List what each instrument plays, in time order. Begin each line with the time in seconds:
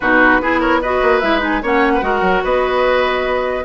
0.00 bassoon B2, clarinet D#4, oboe F#4, flute B4
0.40 bassoon B3, clarinet E4, oboe G#4
0.59 oboe A#4, flute C#5
0.82 clarinet F#4, oboe B4, flute D#5
1.02 bassoon A#3
1.20 bassoon G#3, clarinet E4, flute E5
1.39 clarinet D#4, flute G#5
1.62 bassoon A#3, clarinet C#4, oboe C#5, flute F#5
1.94 oboe B4
2.01 bassoon G#3, clarinet F#4, oboe A#4
2.21 bassoon F#3
2.43 bassoon B3, oboe B4, flute D#5